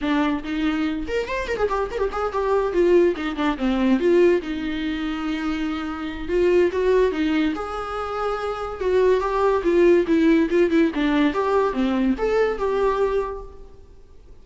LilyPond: \new Staff \with { instrumentName = "viola" } { \time 4/4 \tempo 4 = 143 d'4 dis'4. ais'8 c''8 ais'16 gis'16 | g'8 ais'16 g'16 gis'8 g'4 f'4 dis'8 | d'8 c'4 f'4 dis'4.~ | dis'2. f'4 |
fis'4 dis'4 gis'2~ | gis'4 fis'4 g'4 f'4 | e'4 f'8 e'8 d'4 g'4 | c'4 a'4 g'2 | }